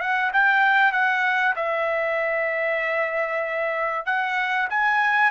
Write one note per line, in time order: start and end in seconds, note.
0.00 0.31 F#5
0.33 0.92 G5
0.92 1.55 F#5
1.56 4.06 E5
4.06 4.68 F#5
4.70 5.31 G#5